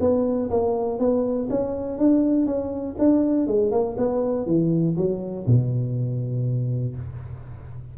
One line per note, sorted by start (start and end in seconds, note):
0.00 0.50 B3
0.50 0.99 A#3
0.99 1.49 B3
1.50 1.98 C#4
1.98 2.46 D4
2.46 2.96 C#4
2.99 3.47 D4
3.47 3.71 G#3
3.71 3.96 A#3
3.98 4.46 B3
4.46 4.96 E3
4.97 5.46 F#3
5.47 6.96 B2